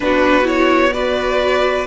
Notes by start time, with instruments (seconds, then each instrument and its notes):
0.00 cello B3, viola D4, violin F#4 B4
0.43 viola E4, violin C#5
0.93 viola F#4, violin B4 D5